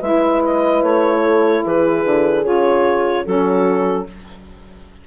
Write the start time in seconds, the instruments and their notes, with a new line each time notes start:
0.00 bassoon G#3, saxophone E4, horn B4, clarinet E5
0.44 clarinet D#5
0.83 bassoon A3, clarinet C#5
1.23 horn A4
1.64 bassoon E3, horn G#4, clarinet B4
2.05 bassoon D3
2.43 bassoon C#3, saxophone F4, clarinet C#5
3.25 bassoon F#3, saxophone C#4, horn F#4, clarinet A4